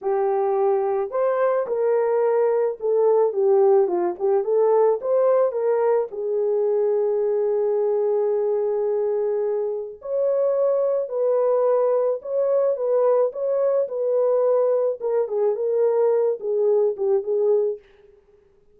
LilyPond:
\new Staff \with { instrumentName = "horn" } { \time 4/4 \tempo 4 = 108 g'2 c''4 ais'4~ | ais'4 a'4 g'4 f'8 g'8 | a'4 c''4 ais'4 gis'4~ | gis'1~ |
gis'2 cis''2 | b'2 cis''4 b'4 | cis''4 b'2 ais'8 gis'8 | ais'4. gis'4 g'8 gis'4 | }